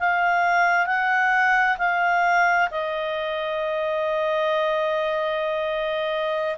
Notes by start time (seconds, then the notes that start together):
0.00 F5
0.87 F#5
1.79 F5
2.71 D#5